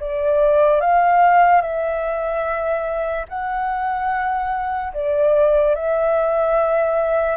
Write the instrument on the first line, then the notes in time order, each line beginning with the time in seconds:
flute
0.00 D5
0.81 F5
1.62 E5
3.29 F#5
4.94 D5
5.75 E5